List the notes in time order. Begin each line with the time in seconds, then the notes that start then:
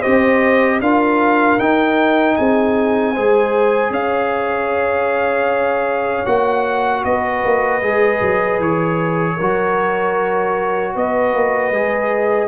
0.00 G4 C5 D#5
0.06 C4
0.81 D4 F4 A#4 F5
1.59 D#4 G5
2.36 C4 G#4 G#5
3.13 G#3 G#4 C5
3.90 C#4 C#5 F5
6.26 A#3 F#4 F#5
7.05 B3 B4 D#5
7.45 A#3
7.82 G#3 G#4
8.21 F#3
8.59 E3 C#5
9.37 F#3 F#4 A#4
10.95 B3 B4 D#5
11.34 A#3
11.71 G#3 G#4